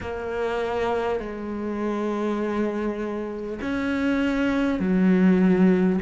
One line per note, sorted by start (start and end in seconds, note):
0.01 1.19 A#3
1.19 3.59 G#3
3.61 4.79 C#4
4.79 5.99 F#3